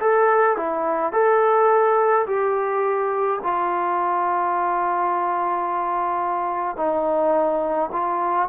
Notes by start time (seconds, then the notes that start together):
0.00 A4
0.57 E4
1.13 A4
2.26 G4
3.43 F4
6.77 D#4
7.92 F4